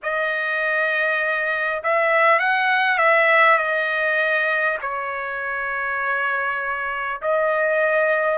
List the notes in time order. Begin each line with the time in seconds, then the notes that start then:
0.03 D#5
1.83 E5
2.39 F#5
2.98 E5
3.58 D#5
4.81 C#5
7.21 D#5